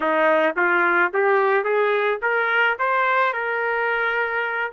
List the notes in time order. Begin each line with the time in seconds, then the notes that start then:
0.00 D#4
0.56 F4
1.13 G4
1.63 G#4
2.21 A#4
2.79 C5
3.33 A#4